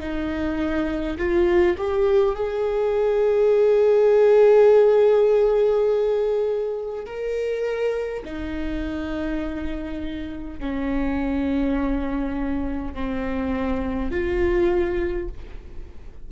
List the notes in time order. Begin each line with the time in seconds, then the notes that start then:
0.00 D#4
1.18 F4
1.78 G4
2.35 G#4
7.06 A#4
8.25 D#4
10.60 C#4
12.95 C4
14.11 F4